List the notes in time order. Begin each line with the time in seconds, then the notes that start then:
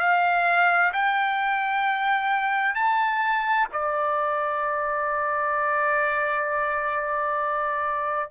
0.00 F5
0.93 G5
2.75 A5
3.73 D5